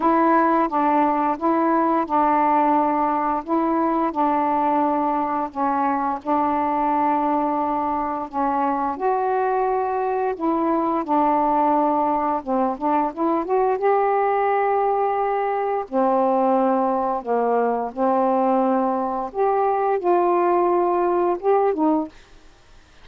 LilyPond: \new Staff \with { instrumentName = "saxophone" } { \time 4/4 \tempo 4 = 87 e'4 d'4 e'4 d'4~ | d'4 e'4 d'2 | cis'4 d'2. | cis'4 fis'2 e'4 |
d'2 c'8 d'8 e'8 fis'8 | g'2. c'4~ | c'4 ais4 c'2 | g'4 f'2 g'8 dis'8 | }